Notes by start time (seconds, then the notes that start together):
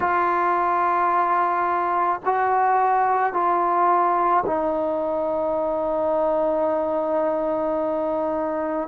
0.00 F4
2.25 F#4
3.33 F4
4.45 D#4